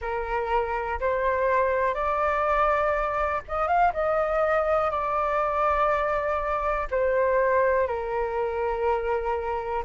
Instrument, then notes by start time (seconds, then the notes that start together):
flute
0.01 A#4
1.00 C5
1.94 D5
3.47 D#5
3.67 F5
3.93 D#5
4.90 D5
6.90 C5
7.87 A#4